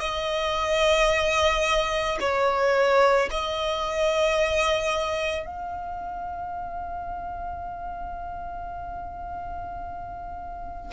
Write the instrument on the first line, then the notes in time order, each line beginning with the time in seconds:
violin
0.00 D#5
2.20 C#5
3.31 D#5
5.46 F5